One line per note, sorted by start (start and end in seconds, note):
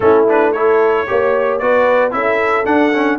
0.00 1.05 A3
0.00 0.27 C#4
0.00 0.53 E4
0.00 0.24 A4
0.28 0.55 D4
0.28 0.52 B4
0.52 1.07 E4
0.52 1.06 A4
0.52 1.58 C#5
1.07 1.61 A#3
1.07 1.60 G4
1.07 1.60 C#5
1.58 2.13 B3
1.58 2.11 F#4
1.58 2.13 B4
1.58 2.11 D5
2.11 2.65 C#4
2.11 2.64 E4
2.11 3.18 A4
2.11 2.65 E5
2.65 2.92 D4
2.65 3.18 D4
2.65 3.18 F#5
2.93 3.18 C#4